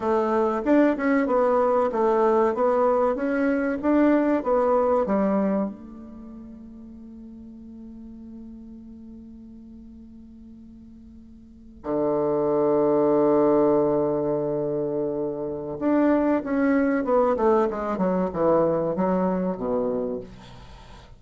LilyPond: \new Staff \with { instrumentName = "bassoon" } { \time 4/4 \tempo 4 = 95 a4 d'8 cis'8 b4 a4 | b4 cis'4 d'4 b4 | g4 a2.~ | a1~ |
a2~ a8. d4~ d16~ | d1~ | d4 d'4 cis'4 b8 a8 | gis8 fis8 e4 fis4 b,4 | }